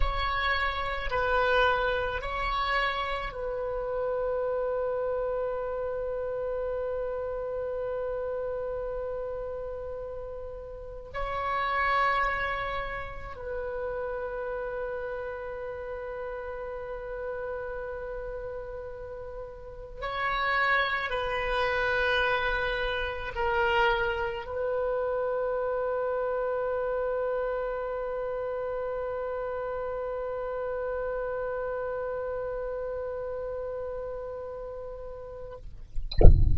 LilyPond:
\new Staff \with { instrumentName = "oboe" } { \time 4/4 \tempo 4 = 54 cis''4 b'4 cis''4 b'4~ | b'1~ | b'2 cis''2 | b'1~ |
b'2 cis''4 b'4~ | b'4 ais'4 b'2~ | b'1~ | b'1 | }